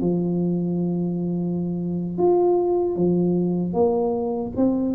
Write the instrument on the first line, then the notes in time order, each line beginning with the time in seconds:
tuba
0.00 F3
2.17 F4
2.95 F3
3.73 A#3
4.56 C4